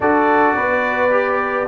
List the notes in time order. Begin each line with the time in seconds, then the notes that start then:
0.00 D4 F#4 A4 D5
0.55 B3 B4
1.10 G4